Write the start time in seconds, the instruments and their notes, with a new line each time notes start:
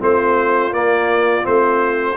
0.00 tuba A3, trombone C4, horn F4, trumpet C5
0.73 trombone A#3, tuba A#3, trumpet D5
1.43 tuba A3, trombone C4, trumpet C5